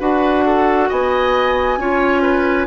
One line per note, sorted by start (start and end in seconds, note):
0.00 0.90 D4
0.00 1.79 F#4
0.00 0.45 B4
0.00 0.90 F#5
0.46 0.89 A4
0.89 1.78 B3
0.89 1.79 D#5
0.89 2.68 G#5
1.78 2.67 C#4
1.78 2.68 F4
1.78 2.22 C#5
2.22 2.67 B4